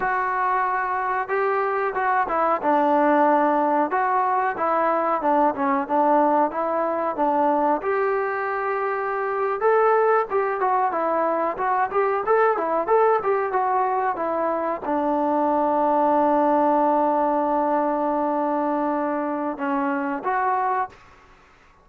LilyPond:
\new Staff \with { instrumentName = "trombone" } { \time 4/4 \tempo 4 = 92 fis'2 g'4 fis'8 e'8 | d'2 fis'4 e'4 | d'8 cis'8 d'4 e'4 d'4 | g'2~ g'8. a'4 g'16~ |
g'16 fis'8 e'4 fis'8 g'8 a'8 e'8 a'16~ | a'16 g'8 fis'4 e'4 d'4~ d'16~ | d'1~ | d'2 cis'4 fis'4 | }